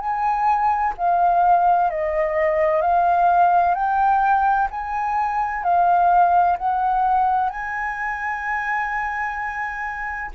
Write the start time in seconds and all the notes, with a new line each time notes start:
0.00 G#5
0.98 F5
1.90 D#5
2.82 F5
3.75 G5
4.71 G#5
5.63 F5
6.58 F#5
7.50 G#5